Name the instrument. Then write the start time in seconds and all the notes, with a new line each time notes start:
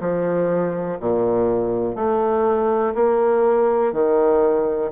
bassoon
0.00 F3
1.00 A#2
1.95 A3
2.95 A#3
3.93 D#3